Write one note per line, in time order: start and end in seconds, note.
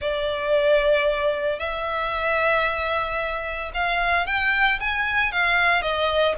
0.01 1.59 D5
1.59 3.71 E5
3.74 4.26 F5
4.26 4.79 G5
4.80 5.32 G#5
5.32 5.81 F5
5.81 6.35 D#5